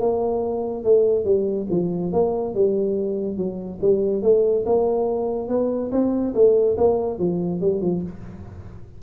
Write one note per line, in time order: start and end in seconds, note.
0.00 0.84 A#3
0.84 1.25 A3
1.25 1.67 G3
1.70 2.12 F3
2.12 2.54 A#3
2.54 3.37 G3
3.37 3.79 F#3
3.81 4.22 G3
4.22 4.65 A3
4.65 5.49 A#3
5.49 5.91 B3
5.92 6.34 C4
6.34 6.77 A3
6.77 7.19 A#3
7.19 7.61 F3
7.61 7.81 G3
7.81 8.02 F3